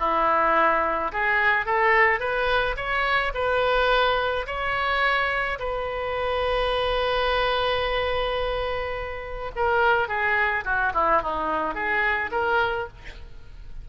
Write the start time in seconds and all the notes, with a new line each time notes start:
0.00 E4
1.12 G#4
1.66 A4
2.20 B4
2.77 C#5
3.35 B4
4.47 C#5
5.59 B4
9.56 A#4
10.08 G#4
10.65 F#4
10.94 E4
11.23 D#4
11.75 G#4
12.32 A#4